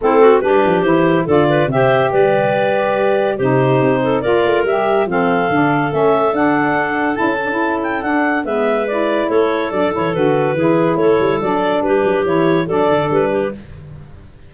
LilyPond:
<<
  \new Staff \with { instrumentName = "clarinet" } { \time 4/4 \tempo 4 = 142 a'4 b'4 c''4 d''4 | e''4 d''2. | c''2 d''4 e''4 | f''2 e''4 fis''4~ |
fis''4 a''4. g''8 fis''4 | e''4 d''4 cis''4 d''8 cis''8 | b'2 cis''4 d''4 | b'4 cis''4 d''4 b'4 | }
  \new Staff \with { instrumentName = "clarinet" } { \time 4/4 e'8 fis'8 g'2 a'8 b'8 | c''4 b'2. | g'4. a'8 ais'2 | a'1~ |
a'1 | b'2 a'2~ | a'4 gis'4 a'2 | g'2 a'4. g'8 | }
  \new Staff \with { instrumentName = "saxophone" } { \time 4/4 c'4 d'4 e'4 f'4 | g'1 | dis'2 f'4 g'4 | c'4 d'4 cis'4 d'4~ |
d'4 e'8 d'16 e'4~ e'16 d'4 | b4 e'2 d'8 e'8 | fis'4 e'2 d'4~ | d'4 e'4 d'2 | }
  \new Staff \with { instrumentName = "tuba" } { \time 4/4 a4 g8 f8 e4 d4 | c4 g2. | c4 c'4 ais8 a8 g4 | f4 d4 a4 d'4~ |
d'4 cis'2 d'4 | gis2 a4 fis8 e8 | d4 e4 a8 g8 fis4 | g8 fis8 e4 fis8 d8 g4 | }
>>